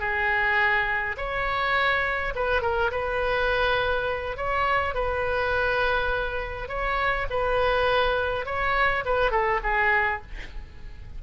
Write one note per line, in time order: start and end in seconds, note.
0.00 1.17 G#4
1.18 2.34 C#5
2.36 2.62 B4
2.62 2.91 A#4
2.92 4.37 B4
4.37 4.95 C#5
4.95 6.69 B4
6.69 7.27 C#5
7.31 8.46 B4
8.46 9.05 C#5
9.06 9.32 B4
9.32 9.61 A4
9.64 10.22 G#4